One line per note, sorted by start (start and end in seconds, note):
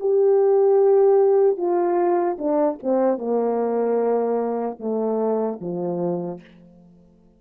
0.00 1.57 G4
1.57 2.37 F4
2.39 2.79 D4
2.83 3.18 C4
3.18 4.78 A#3
4.80 5.60 A3
5.61 6.41 F3